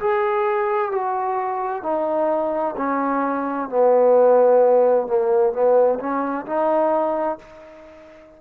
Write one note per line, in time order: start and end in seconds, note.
0.00 0.92 G#4
0.92 1.83 F#4
1.83 2.75 D#4
2.77 3.69 C#4
3.69 5.08 B3
5.08 5.53 A#3
5.53 5.99 B3
6.00 6.46 C#4
6.46 7.38 D#4